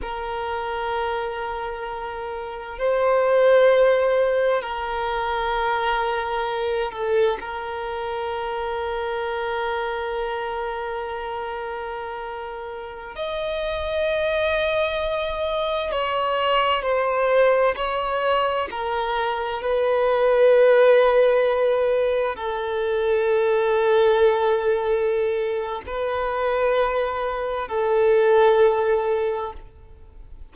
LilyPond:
\new Staff \with { instrumentName = "violin" } { \time 4/4 \tempo 4 = 65 ais'2. c''4~ | c''4 ais'2~ ais'8 a'8 | ais'1~ | ais'2~ ais'16 dis''4.~ dis''16~ |
dis''4~ dis''16 cis''4 c''4 cis''8.~ | cis''16 ais'4 b'2~ b'8.~ | b'16 a'2.~ a'8. | b'2 a'2 | }